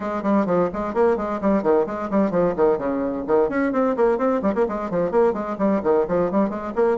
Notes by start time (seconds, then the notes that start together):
0.00 G#3
0.22 G3
0.46 F3
0.73 G#3
0.94 A#3
1.16 G#3
1.41 G3
1.63 D#3
1.86 G#3
2.10 G3
2.30 F3
2.56 D#3
2.78 C#3
3.27 D#3
3.49 C#4
3.72 C4
3.96 A#3
4.17 C4
4.42 G3
4.54 A#3
4.68 G#3
4.90 F3
5.11 A#3
5.33 G#3
5.58 G3
5.83 D#3
6.08 F3
6.31 G3
6.49 G#3
6.75 A#3